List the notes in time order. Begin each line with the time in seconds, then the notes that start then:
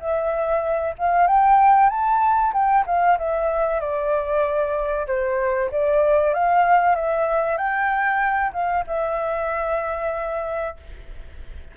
0.00 E5
0.98 F5
1.27 G5
1.90 A5
2.53 G5
2.87 F5
3.18 E5
3.81 D5
5.07 C5
5.72 D5
6.34 F5
6.96 E5
7.58 G5
8.53 F5
8.87 E5